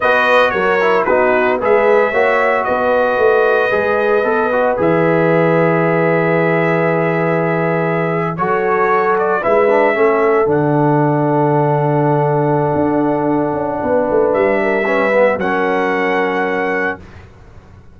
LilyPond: <<
  \new Staff \with { instrumentName = "trumpet" } { \time 4/4 \tempo 4 = 113 dis''4 cis''4 b'4 e''4~ | e''4 dis''2.~ | dis''4 e''2.~ | e''2.~ e''8. cis''16~ |
cis''4~ cis''16 d''8 e''2 fis''16~ | fis''1~ | fis''2. e''4~ | e''4 fis''2. | }
  \new Staff \with { instrumentName = "horn" } { \time 4/4 b'4 ais'4 fis'4 b'4 | cis''4 b'2.~ | b'1~ | b'2.~ b'8. a'16~ |
a'4.~ a'16 b'4 a'4~ a'16~ | a'1~ | a'2 b'4. ais'8 | b'4 ais'2. | }
  \new Staff \with { instrumentName = "trombone" } { \time 4/4 fis'4. e'8 dis'4 gis'4 | fis'2. gis'4 | a'8 fis'8 gis'2.~ | gis'2.~ gis'8. fis'16~ |
fis'4.~ fis'16 e'8 d'8 cis'4 d'16~ | d'1~ | d'1 | cis'8 b8 cis'2. | }
  \new Staff \with { instrumentName = "tuba" } { \time 4/4 b4 fis4 b4 gis4 | ais4 b4 a4 gis4 | b4 e2.~ | e2.~ e8. fis16~ |
fis4.~ fis16 gis4 a4 d16~ | d1 | d'4. cis'8 b8 a8 g4~ | g4 fis2. | }
>>